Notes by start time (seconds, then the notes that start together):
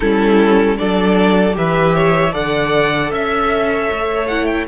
0.00 G3 C#4 E4 A4
0.77 F#3 D4 A4 D5
1.52 E3 G4 B4 E5
1.95 C#5
2.32 D3 A4 D5 F#5
3.11 C#4 E5
3.71 C#5
3.91 A3
4.27 E4 F#5
4.45 G5